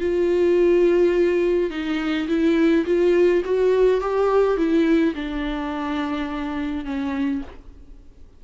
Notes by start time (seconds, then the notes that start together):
0.00 F4
1.70 D#4
2.28 E4
2.86 F4
3.45 F#4
4.01 G4
4.57 E4
5.15 D4
6.85 C#4